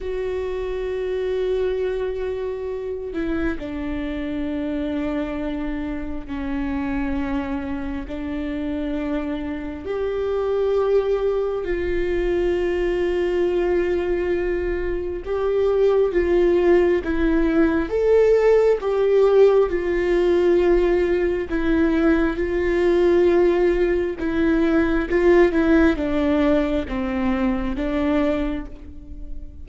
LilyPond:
\new Staff \with { instrumentName = "viola" } { \time 4/4 \tempo 4 = 67 fis'2.~ fis'8 e'8 | d'2. cis'4~ | cis'4 d'2 g'4~ | g'4 f'2.~ |
f'4 g'4 f'4 e'4 | a'4 g'4 f'2 | e'4 f'2 e'4 | f'8 e'8 d'4 c'4 d'4 | }